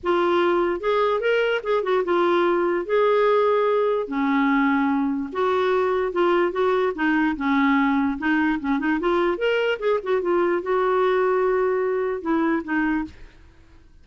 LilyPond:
\new Staff \with { instrumentName = "clarinet" } { \time 4/4 \tempo 4 = 147 f'2 gis'4 ais'4 | gis'8 fis'8 f'2 gis'4~ | gis'2 cis'2~ | cis'4 fis'2 f'4 |
fis'4 dis'4 cis'2 | dis'4 cis'8 dis'8 f'4 ais'4 | gis'8 fis'8 f'4 fis'2~ | fis'2 e'4 dis'4 | }